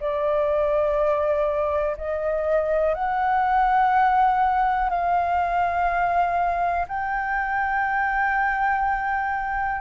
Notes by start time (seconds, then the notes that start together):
0.00 D5
1.98 D#5
2.94 F#5
4.90 F5
6.88 G5